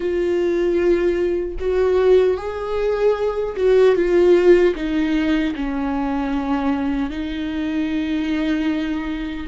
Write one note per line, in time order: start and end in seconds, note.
0.00 1.55 F4
1.59 2.37 F#4
2.37 3.55 G#4
3.56 3.95 F#4
3.95 4.74 F4
4.75 5.54 D#4
5.55 7.09 C#4
7.09 9.46 D#4